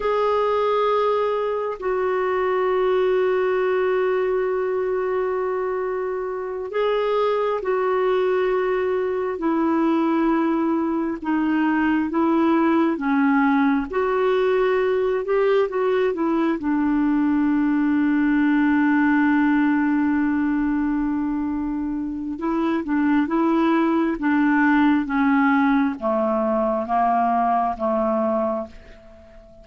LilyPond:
\new Staff \with { instrumentName = "clarinet" } { \time 4/4 \tempo 4 = 67 gis'2 fis'2~ | fis'2.~ fis'8 gis'8~ | gis'8 fis'2 e'4.~ | e'8 dis'4 e'4 cis'4 fis'8~ |
fis'4 g'8 fis'8 e'8 d'4.~ | d'1~ | d'4 e'8 d'8 e'4 d'4 | cis'4 a4 ais4 a4 | }